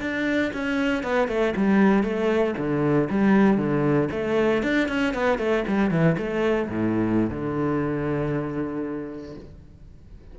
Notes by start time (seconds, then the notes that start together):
0.00 D4
0.53 C#4
1.03 B3
1.28 A3
1.56 G3
2.03 A3
2.57 D3
3.10 G3
3.57 D3
4.11 A3
4.62 D4
4.88 C#4
5.14 B3
5.38 A3
5.67 G3
5.91 E3
6.17 A3
6.69 A2
7.30 D3